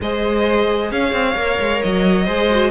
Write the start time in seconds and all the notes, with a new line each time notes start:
0.00 G#3 G#4 C5 D#5
0.91 C#4 C#5 F5
1.12 C4
1.36 A#3 A#4
1.59 G#3
1.82 F#3 D#5
2.25 G#3 G#4 C5
2.50 F#4